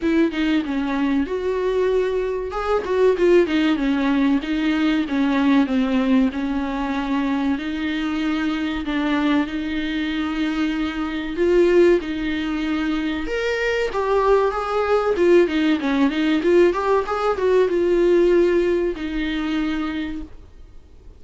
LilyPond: \new Staff \with { instrumentName = "viola" } { \time 4/4 \tempo 4 = 95 e'8 dis'8 cis'4 fis'2 | gis'8 fis'8 f'8 dis'8 cis'4 dis'4 | cis'4 c'4 cis'2 | dis'2 d'4 dis'4~ |
dis'2 f'4 dis'4~ | dis'4 ais'4 g'4 gis'4 | f'8 dis'8 cis'8 dis'8 f'8 g'8 gis'8 fis'8 | f'2 dis'2 | }